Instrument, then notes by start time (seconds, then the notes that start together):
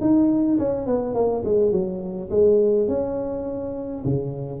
tuba
0.00 D#4
0.58 C#4
0.86 B3
1.14 A#3
1.44 G#3
1.72 F#3
2.30 G#3
2.88 C#4
4.04 C#3